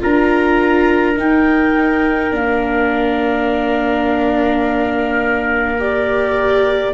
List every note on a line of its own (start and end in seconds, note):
0.00 1.17 D4
0.00 1.15 F4
0.00 6.94 A#4
0.00 1.18 A#5
1.16 2.31 D#4
1.16 2.32 D#4
1.16 2.34 G5
2.31 6.93 A#3
2.31 5.77 D4
2.31 5.81 F5
5.79 6.94 G4
5.79 6.94 D5